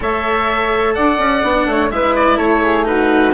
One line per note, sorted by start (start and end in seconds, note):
0.00 0.97 A3
0.00 1.43 A4
0.00 0.95 C#5
0.00 0.94 E5
0.94 1.18 D4
0.94 1.66 D5
0.94 1.89 F#5
1.18 1.42 C#4
1.43 1.66 B3
1.43 1.90 D4
1.66 1.89 A3
1.66 1.93 C#5
1.90 2.38 G#3
1.90 2.83 E4
1.90 2.36 B4
1.90 2.14 E5
2.15 2.38 D5
2.36 3.33 A3
2.36 2.60 A4
2.36 2.85 C#5
2.62 2.86 G#4
2.83 3.31 D#4
2.83 3.33 F#4
2.83 3.33 B4